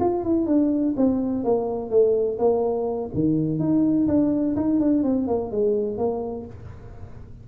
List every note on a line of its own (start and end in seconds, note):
0.00 0.24 F4
0.24 0.46 E4
0.46 0.94 D4
0.97 1.44 C4
1.44 1.90 A#3
1.90 2.38 A3
2.38 3.10 A#3
3.14 3.59 D#3
3.59 4.07 D#4
4.07 4.55 D4
4.56 4.80 D#4
4.80 5.03 D4
5.03 5.27 C4
5.27 5.51 A#3
5.51 5.98 G#3
5.98 6.46 A#3